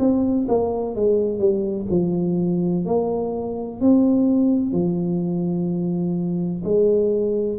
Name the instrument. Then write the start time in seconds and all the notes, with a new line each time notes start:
tuba
0.00 C4
0.48 A#3
0.96 G#3
1.39 G3
1.90 F3
2.86 A#3
3.81 C4
4.73 F3
6.64 G#3